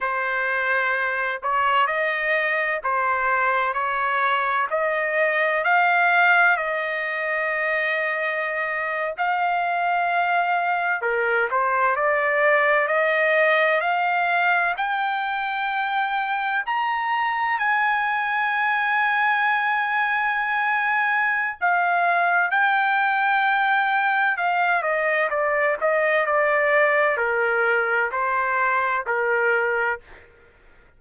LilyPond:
\new Staff \with { instrumentName = "trumpet" } { \time 4/4 \tempo 4 = 64 c''4. cis''8 dis''4 c''4 | cis''4 dis''4 f''4 dis''4~ | dis''4.~ dis''16 f''2 ais'16~ | ais'16 c''8 d''4 dis''4 f''4 g''16~ |
g''4.~ g''16 ais''4 gis''4~ gis''16~ | gis''2. f''4 | g''2 f''8 dis''8 d''8 dis''8 | d''4 ais'4 c''4 ais'4 | }